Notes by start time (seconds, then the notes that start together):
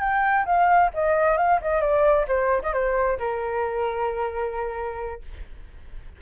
0.00 G5
0.46 F5
0.94 D#5
1.38 F5
1.62 D#5
1.81 D5
2.28 C5
2.62 D#5
2.73 C5
3.19 A#4